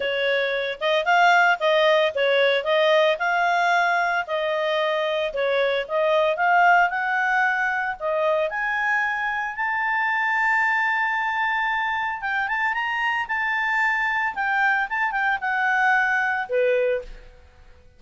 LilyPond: \new Staff \with { instrumentName = "clarinet" } { \time 4/4 \tempo 4 = 113 cis''4. dis''8 f''4 dis''4 | cis''4 dis''4 f''2 | dis''2 cis''4 dis''4 | f''4 fis''2 dis''4 |
gis''2 a''2~ | a''2. g''8 a''8 | ais''4 a''2 g''4 | a''8 g''8 fis''2 b'4 | }